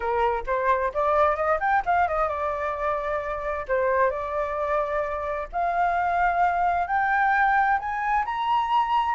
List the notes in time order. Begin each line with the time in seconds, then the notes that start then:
0.00 A#4
0.46 C5
0.93 D5
1.35 D#5
1.59 G5
1.85 F5
2.07 D#5
2.28 D5
3.67 C5
4.10 D5
5.52 F5
6.87 G5
7.79 G#5
8.25 A#5